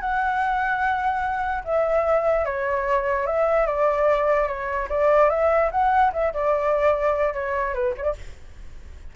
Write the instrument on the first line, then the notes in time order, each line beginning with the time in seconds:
flute
0.00 F#5
1.64 E5
2.45 C#5
3.26 E5
3.66 D5
4.47 C#5
4.89 D5
5.29 E5
5.71 F#5
6.13 E5
6.33 D5
7.34 C#5
7.74 B4
7.97 C#5 D5